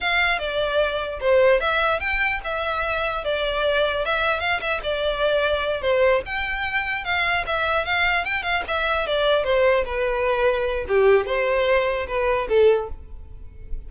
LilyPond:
\new Staff \with { instrumentName = "violin" } { \time 4/4 \tempo 4 = 149 f''4 d''2 c''4 | e''4 g''4 e''2 | d''2 e''4 f''8 e''8 | d''2~ d''8 c''4 g''8~ |
g''4. f''4 e''4 f''8~ | f''8 g''8 f''8 e''4 d''4 c''8~ | c''8 b'2~ b'8 g'4 | c''2 b'4 a'4 | }